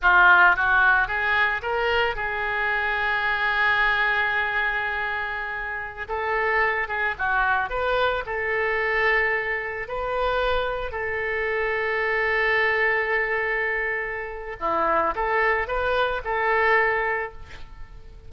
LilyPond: \new Staff \with { instrumentName = "oboe" } { \time 4/4 \tempo 4 = 111 f'4 fis'4 gis'4 ais'4 | gis'1~ | gis'2.~ gis'16 a'8.~ | a'8. gis'8 fis'4 b'4 a'8.~ |
a'2~ a'16 b'4.~ b'16~ | b'16 a'2.~ a'8.~ | a'2. e'4 | a'4 b'4 a'2 | }